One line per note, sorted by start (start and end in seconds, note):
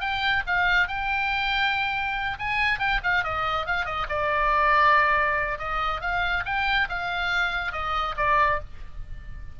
0.00 0.43 G5
0.46 0.88 F5
0.88 2.38 G5
2.38 2.79 G#5
2.79 3.00 G5
3.03 3.23 F5
3.23 3.66 D#5
3.66 3.85 F5
3.85 4.06 D#5
4.09 5.58 D5
5.58 6.01 D#5
6.01 6.43 F5
6.45 6.88 G5
6.89 7.72 F5
7.72 8.15 D#5
8.17 8.60 D5